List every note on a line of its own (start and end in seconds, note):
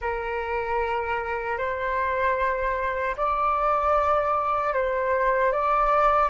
0.01 1.58 A#4
1.58 3.15 C5
3.17 4.73 D5
4.73 5.52 C5
5.52 6.29 D5